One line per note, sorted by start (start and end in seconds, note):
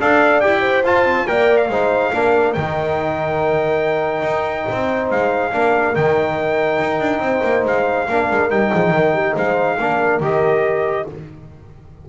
0.00 0.44 D4
0.00 0.42 A4
0.00 0.61 D5
0.00 0.41 F5
0.41 0.84 E4
0.41 0.85 G4
0.41 0.83 G5
0.61 1.25 C5
0.84 1.26 F4
0.84 1.05 F4
0.84 1.28 A5
1.05 1.26 C4
1.27 1.69 A#3
1.27 1.69 A#4
1.27 1.71 D5
1.27 1.58 G5
1.58 2.53 F5
1.69 2.12 G#3
1.69 2.13 D#4
1.69 2.13 C5
2.13 2.56 A#3
2.13 2.56 D4
2.13 4.68 A#4
2.54 4.23 D#3
2.54 5.52 D#4
2.54 5.09 G5
4.23 4.65 D#4
4.68 5.11 C4
4.68 5.53 C5
5.11 5.54 G#3
5.11 5.96 F5
5.52 5.96 A#3
5.52 5.95 D4
5.52 7.24 A#4
5.95 6.80 D#3
5.95 8.08 D#4
5.95 7.66 G5
6.80 7.01 D#4
7.01 7.20 D4
7.20 7.41 C4
7.20 8.09 C5
7.44 7.65 A#3
7.65 8.08 G#3
7.65 8.51 F5
8.09 8.30 A#3
8.09 8.51 D4
8.09 8.72 A#4
8.31 8.50 G#3
8.50 8.72 G3
8.50 9.79 D#4
8.50 9.36 G5
8.72 8.91 F3
8.72 8.93 G#4
8.91 9.34 D#3
8.91 9.14 A#4
9.14 9.35 G4
9.36 9.79 G#3
9.36 9.78 C5
9.36 10.23 F5
9.79 10.21 A#3
9.79 10.22 D4
9.79 11.07 A#4
10.21 11.06 D#3
10.21 11.07 G4
10.21 11.09 D#5